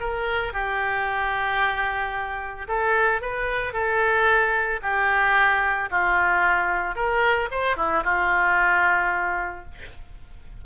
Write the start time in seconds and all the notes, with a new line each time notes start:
0.00 A#4
0.53 G4
2.68 A4
3.22 B4
3.74 A4
4.83 G4
5.91 F4
6.96 A#4
7.51 C5
7.77 E4
8.04 F4